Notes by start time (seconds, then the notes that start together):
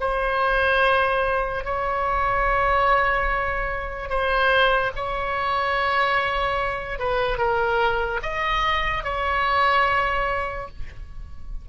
0.00 C5
1.65 C#5
4.09 C5
4.96 C#5
6.99 B4
7.38 A#4
8.22 D#5
9.04 C#5